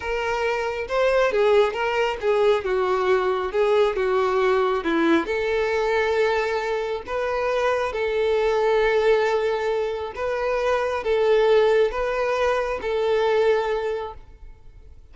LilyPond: \new Staff \with { instrumentName = "violin" } { \time 4/4 \tempo 4 = 136 ais'2 c''4 gis'4 | ais'4 gis'4 fis'2 | gis'4 fis'2 e'4 | a'1 |
b'2 a'2~ | a'2. b'4~ | b'4 a'2 b'4~ | b'4 a'2. | }